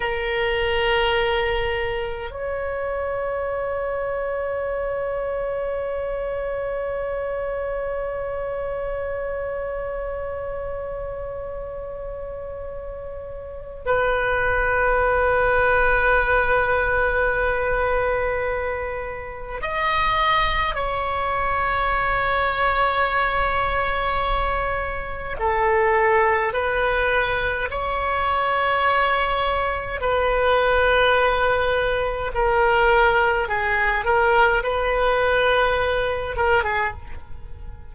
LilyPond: \new Staff \with { instrumentName = "oboe" } { \time 4/4 \tempo 4 = 52 ais'2 cis''2~ | cis''1~ | cis''1 | b'1~ |
b'4 dis''4 cis''2~ | cis''2 a'4 b'4 | cis''2 b'2 | ais'4 gis'8 ais'8 b'4. ais'16 gis'16 | }